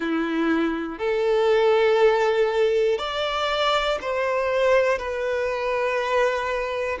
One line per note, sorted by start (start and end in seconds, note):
0.00 0.98 E4
0.98 2.98 A4
2.98 3.98 D5
4.01 4.98 C5
4.98 6.98 B4